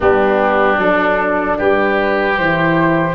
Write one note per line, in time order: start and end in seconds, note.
0.00 0.78 G3
0.00 0.76 B3
0.00 1.58 D4
0.00 0.79 G4
0.76 1.57 F#3
0.76 2.34 D4
0.76 1.58 A4
1.58 2.38 G3
1.58 3.14 G4
1.58 2.37 B4
2.37 3.14 E3
2.37 3.14 E4
2.37 3.14 C5